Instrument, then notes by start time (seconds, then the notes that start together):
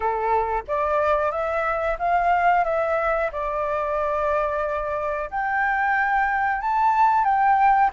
flute
0.00 A4
0.67 D5
1.31 E5
1.98 F5
2.64 E5
3.32 D5
5.30 G5
6.61 A5
7.24 G5